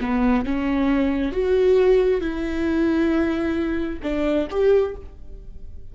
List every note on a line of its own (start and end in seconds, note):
0.00 0.45 B3
0.45 1.32 C#4
1.32 2.20 F#4
2.20 3.99 E4
4.03 4.47 D4
4.50 4.95 G4